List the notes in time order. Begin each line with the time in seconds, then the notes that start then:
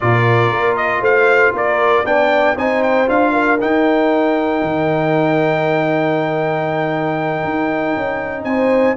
0.00 A#2 F4 A#4 D5
0.50 A#3
0.76 D#5
1.01 A3 C5 F5
1.52 A#3 A#4 D5
2.05 B3 D4 D5 G5
2.56 C4 D#4 C5 G#5
2.82 G5
3.06 D4 F4 F5
3.32 A#4
3.60 D#4 G5
4.62 D#3
7.44 D#4
7.96 C#4
8.43 C4 C5 G#5